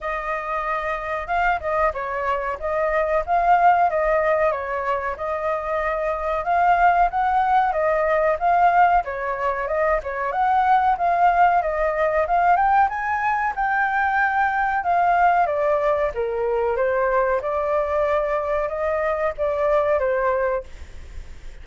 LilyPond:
\new Staff \with { instrumentName = "flute" } { \time 4/4 \tempo 4 = 93 dis''2 f''8 dis''8 cis''4 | dis''4 f''4 dis''4 cis''4 | dis''2 f''4 fis''4 | dis''4 f''4 cis''4 dis''8 cis''8 |
fis''4 f''4 dis''4 f''8 g''8 | gis''4 g''2 f''4 | d''4 ais'4 c''4 d''4~ | d''4 dis''4 d''4 c''4 | }